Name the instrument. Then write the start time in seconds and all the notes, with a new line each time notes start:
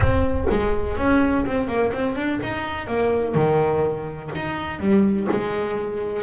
double bass
0.00 C4
0.50 G#3
0.97 C#4
1.45 C4
1.67 A#3
1.92 C4
2.15 D4
2.42 D#4
2.87 A#3
3.34 D#3
4.35 D#4
4.79 G3
5.30 G#3